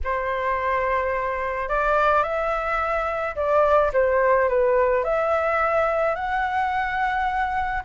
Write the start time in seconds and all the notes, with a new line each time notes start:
0.04 C5
1.68 D5
2.23 E5
3.35 D5
3.93 C5
4.49 B4
5.04 E5
6.15 F#5